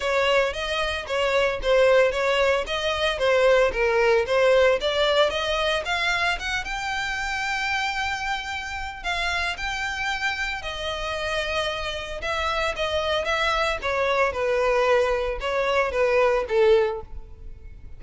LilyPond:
\new Staff \with { instrumentName = "violin" } { \time 4/4 \tempo 4 = 113 cis''4 dis''4 cis''4 c''4 | cis''4 dis''4 c''4 ais'4 | c''4 d''4 dis''4 f''4 | fis''8 g''2.~ g''8~ |
g''4 f''4 g''2 | dis''2. e''4 | dis''4 e''4 cis''4 b'4~ | b'4 cis''4 b'4 a'4 | }